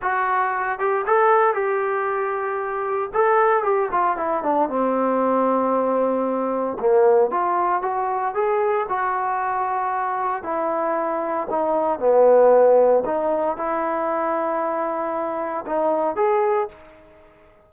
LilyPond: \new Staff \with { instrumentName = "trombone" } { \time 4/4 \tempo 4 = 115 fis'4. g'8 a'4 g'4~ | g'2 a'4 g'8 f'8 | e'8 d'8 c'2.~ | c'4 ais4 f'4 fis'4 |
gis'4 fis'2. | e'2 dis'4 b4~ | b4 dis'4 e'2~ | e'2 dis'4 gis'4 | }